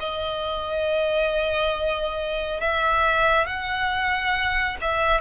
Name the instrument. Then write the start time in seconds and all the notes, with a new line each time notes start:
violin
0.00 D#5
2.61 E5
3.47 F#5
4.81 E5